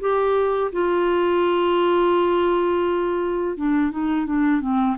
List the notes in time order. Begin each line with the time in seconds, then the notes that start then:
0.00 G4
0.72 F4
3.57 D4
3.91 D#4
4.26 D4
4.61 C4